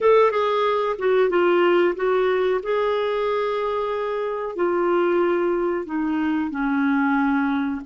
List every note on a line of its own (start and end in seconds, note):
0.00 0.31 A4
0.31 0.96 G#4
0.98 1.29 F#4
1.29 1.94 F4
1.95 2.61 F#4
2.62 4.55 G#4
4.55 5.85 F4
5.85 6.50 D#4
6.50 7.81 C#4